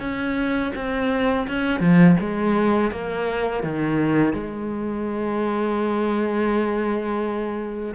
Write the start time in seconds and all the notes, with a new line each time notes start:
0.00 C#4
0.75 C4
1.48 C#4
1.80 F3
2.20 G#3
2.91 A#3
3.63 D#3
4.33 G#3